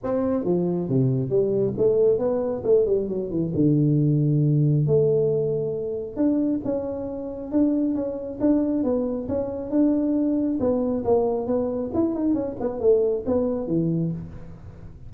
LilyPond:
\new Staff \with { instrumentName = "tuba" } { \time 4/4 \tempo 4 = 136 c'4 f4 c4 g4 | a4 b4 a8 g8 fis8 e8 | d2. a4~ | a2 d'4 cis'4~ |
cis'4 d'4 cis'4 d'4 | b4 cis'4 d'2 | b4 ais4 b4 e'8 dis'8 | cis'8 b8 a4 b4 e4 | }